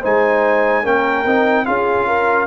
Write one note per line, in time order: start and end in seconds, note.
0.00 0.85 G#3
0.00 0.84 D#4
0.00 0.82 C5
0.00 0.86 G#5
0.83 1.25 A#3
0.83 1.25 C#4
0.83 1.65 A#4
0.83 1.65 G5
1.25 1.66 C4
1.25 1.65 D#4
1.65 2.46 C#4
1.65 2.46 F4
1.65 2.07 G#4
1.65 2.46 F5
2.07 2.46 A#4